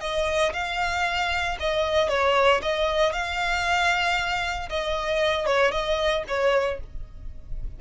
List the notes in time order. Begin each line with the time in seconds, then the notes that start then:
0.00 D#5
0.53 F5
1.60 D#5
2.08 C#5
2.62 D#5
3.12 F5
4.69 D#5
5.46 C#5
5.71 D#5
6.28 C#5